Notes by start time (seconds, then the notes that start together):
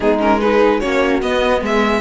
0.00 G#3 B3 D#4 G#4
0.18 C#4 A#4
0.40 D#4 G#4 B4
0.79 A#3 C#4 F#4 C#5
1.20 B3 D#5
1.61 G#3 G#4 E5